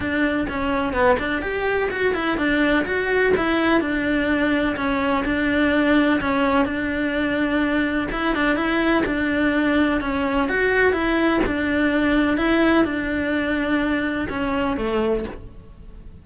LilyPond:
\new Staff \with { instrumentName = "cello" } { \time 4/4 \tempo 4 = 126 d'4 cis'4 b8 d'8 g'4 | fis'8 e'8 d'4 fis'4 e'4 | d'2 cis'4 d'4~ | d'4 cis'4 d'2~ |
d'4 e'8 d'8 e'4 d'4~ | d'4 cis'4 fis'4 e'4 | d'2 e'4 d'4~ | d'2 cis'4 a4 | }